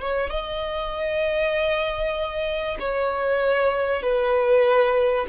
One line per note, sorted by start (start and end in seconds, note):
0.00 0.30 C#5
0.30 2.78 D#5
2.79 4.02 C#5
4.02 5.26 B4